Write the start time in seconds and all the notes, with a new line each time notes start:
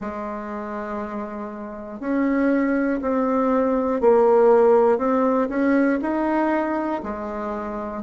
0.00 G#3
2.00 C#4
3.01 C4
4.00 A#3
4.98 C4
5.49 C#4
6.01 D#4
7.03 G#3